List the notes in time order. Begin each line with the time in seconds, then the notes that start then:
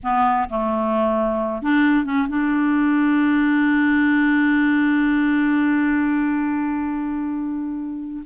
0.03 B3
0.49 A3
1.62 D4
2.04 C#4
2.28 D4